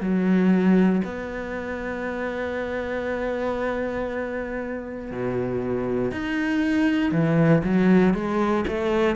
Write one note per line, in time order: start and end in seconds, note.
0.00 1.02 F#3
1.04 5.11 B3
5.11 6.11 B2
6.11 7.11 D#4
7.11 7.62 E3
7.64 8.14 F#3
8.14 8.64 G#3
8.67 9.16 A3